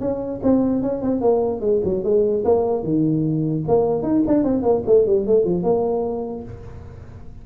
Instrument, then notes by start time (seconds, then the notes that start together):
tuba
0.00 C#4
0.43 C4
0.82 C#4
1.02 C4
1.21 A#3
1.61 G#3
1.84 F#3
2.04 G#3
2.45 A#3
2.83 D#3
3.68 A#3
4.02 D#4
4.27 D4
4.44 C4
4.63 A#3
4.86 A3
5.06 G3
5.27 A3
5.45 F3
5.63 A#3